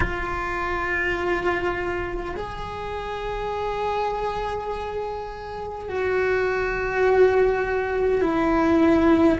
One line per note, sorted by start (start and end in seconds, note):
0.00 2.35 F4
2.36 5.88 G#4
5.88 8.21 F#4
8.21 9.39 E4